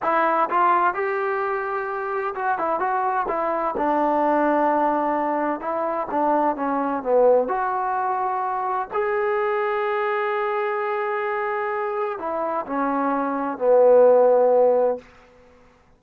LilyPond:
\new Staff \with { instrumentName = "trombone" } { \time 4/4 \tempo 4 = 128 e'4 f'4 g'2~ | g'4 fis'8 e'8 fis'4 e'4 | d'1 | e'4 d'4 cis'4 b4 |
fis'2. gis'4~ | gis'1~ | gis'2 e'4 cis'4~ | cis'4 b2. | }